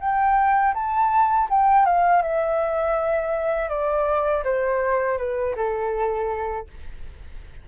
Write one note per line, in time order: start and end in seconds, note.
0.00 0.74 G5
0.74 1.48 A5
1.50 1.86 G5
1.86 2.22 F5
2.22 3.69 E5
3.69 4.43 D5
4.44 5.18 C5
5.18 5.55 B4
5.56 6.67 A4